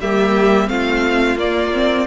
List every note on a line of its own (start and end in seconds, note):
0.00 0.69 G3
0.00 0.67 A#3
0.00 0.69 G4
0.00 0.69 E5
0.67 1.36 A3
0.67 1.36 C4
0.67 2.07 F4
0.67 1.38 F5
1.36 2.05 A#3
1.36 1.72 A#3
1.36 2.07 D5
1.73 2.07 C4